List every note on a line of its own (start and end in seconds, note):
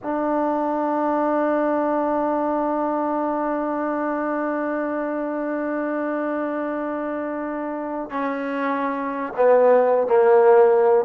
0.02 8.10 D4
8.10 9.33 C#4
9.36 10.07 B3
10.07 11.05 A#3